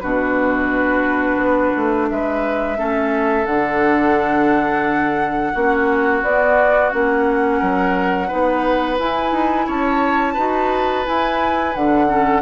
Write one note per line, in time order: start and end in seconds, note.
0.00 1.36 B2
0.00 2.77 D4
0.00 2.09 F#4
0.00 2.07 B4
1.36 1.71 B3
1.76 2.11 A3
2.09 2.78 G#3
2.09 2.78 B4
2.09 3.45 E5
2.77 3.46 A3
2.77 3.46 C#4
2.77 5.53 A4
3.45 5.52 D3
3.45 5.55 D4
3.45 6.21 F#5
5.53 6.22 A#3
5.53 6.23 C#4
5.53 7.59 F#4
6.22 6.91 B3
6.22 6.92 B3
6.22 6.90 D5
6.90 7.61 A#3
6.90 8.28 C#4
6.90 8.97 F#5
7.59 8.30 F#3
7.59 8.27 A#4
8.27 8.99 B3
8.27 8.97 D#4
8.27 9.65 B4
8.99 9.32 E4
8.99 10.37 E4
8.99 9.68 G#5
9.32 9.66 D#4
9.67 10.36 C#4
9.67 10.33 C#5
9.67 11.06 A5
10.33 11.06 D#4
10.33 11.04 F#4
10.33 12.06 B4
11.04 11.73 E4
11.04 11.75 E4
11.04 11.74 G#5
11.74 12.41 D3
11.74 12.07 D4
11.74 12.41 F#5
12.07 12.41 C#4
12.07 12.41 A4